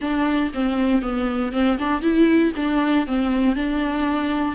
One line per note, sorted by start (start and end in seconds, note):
0.01 0.52 D4
0.53 1.01 C4
1.01 1.52 B3
1.52 1.78 C4
1.78 2.01 D4
2.01 2.52 E4
2.55 3.06 D4
3.06 3.55 C4
3.55 4.55 D4